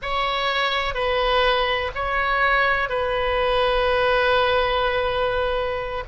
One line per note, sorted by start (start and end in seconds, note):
0.02 0.94 C#5
0.94 1.91 B4
1.94 2.89 C#5
2.89 6.04 B4